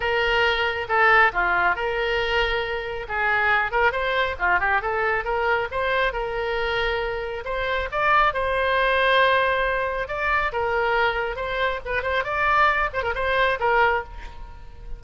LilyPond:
\new Staff \with { instrumentName = "oboe" } { \time 4/4 \tempo 4 = 137 ais'2 a'4 f'4 | ais'2. gis'4~ | gis'8 ais'8 c''4 f'8 g'8 a'4 | ais'4 c''4 ais'2~ |
ais'4 c''4 d''4 c''4~ | c''2. d''4 | ais'2 c''4 b'8 c''8 | d''4. c''16 ais'16 c''4 ais'4 | }